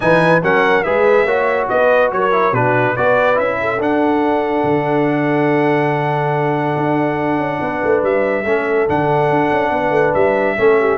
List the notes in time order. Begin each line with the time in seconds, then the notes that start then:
0.00 E3 D#4 B4 G#5
0.42 F#3 C#4 A#4 F#5
0.83 G#3 G#4 B4 E5
1.25 A#3 F#4 C#5
1.68 B3 B4 D#5
2.12 F#3 A#4 C#5
2.31 E4
2.52 B2 D4 F#4 B4
2.93 B3 F#4 B4 D5
3.35 C#4 E4 E5
3.60 A4
3.78 D4 F#5
4.63 D3
6.76 D4
7.38 C#4
7.61 B3 B4
7.84 A3
8.02 G3 E5
8.44 A3 C#4 A4
8.88 D3 D4 F#5
9.29 D4
9.51 C#4
9.70 B3 B4
9.90 A3
10.13 G3 E5
10.57 A3 C#4 A4
10.79 G4